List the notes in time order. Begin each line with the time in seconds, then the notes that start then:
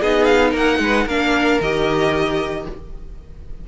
0.00 B3 D#4 G#4 D#5
0.24 F5
0.51 A#3 A#4 F#5
0.79 G#3 B4
1.06 A#3 D4 A#4 F5
1.60 D#3 G4 D#5